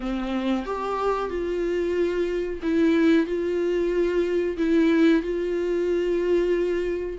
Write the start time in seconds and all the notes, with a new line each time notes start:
0.00 C4
0.65 G4
1.29 F4
2.62 E4
3.26 F4
4.57 E4
5.22 F4